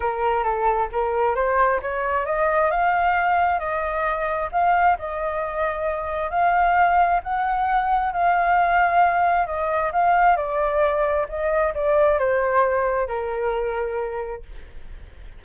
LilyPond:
\new Staff \with { instrumentName = "flute" } { \time 4/4 \tempo 4 = 133 ais'4 a'4 ais'4 c''4 | cis''4 dis''4 f''2 | dis''2 f''4 dis''4~ | dis''2 f''2 |
fis''2 f''2~ | f''4 dis''4 f''4 d''4~ | d''4 dis''4 d''4 c''4~ | c''4 ais'2. | }